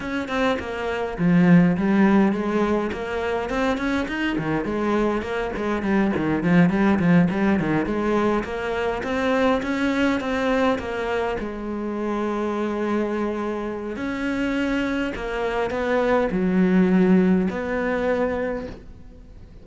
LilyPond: \new Staff \with { instrumentName = "cello" } { \time 4/4 \tempo 4 = 103 cis'8 c'8 ais4 f4 g4 | gis4 ais4 c'8 cis'8 dis'8 dis8 | gis4 ais8 gis8 g8 dis8 f8 g8 | f8 g8 dis8 gis4 ais4 c'8~ |
c'8 cis'4 c'4 ais4 gis8~ | gis1 | cis'2 ais4 b4 | fis2 b2 | }